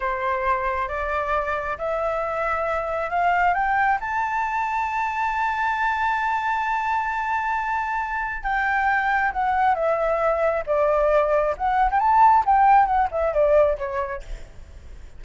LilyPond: \new Staff \with { instrumentName = "flute" } { \time 4/4 \tempo 4 = 135 c''2 d''2 | e''2. f''4 | g''4 a''2.~ | a''1~ |
a''2. g''4~ | g''4 fis''4 e''2 | d''2 fis''8. g''16 a''4 | g''4 fis''8 e''8 d''4 cis''4 | }